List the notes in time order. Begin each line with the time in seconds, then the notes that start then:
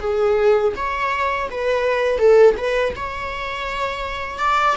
0.00 G#4
0.76 C#5
1.51 B4
2.19 A4
2.57 B4
2.96 C#5
4.39 D5